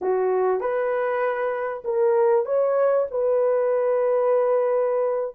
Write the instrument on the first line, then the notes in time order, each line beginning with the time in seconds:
horn
0.01 F#4
0.60 B4
1.84 A#4
2.45 C#5
3.11 B4